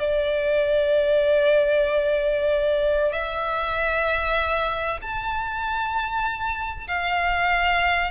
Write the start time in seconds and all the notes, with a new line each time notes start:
0.00 D5
3.12 E5
5.02 A5
6.88 F5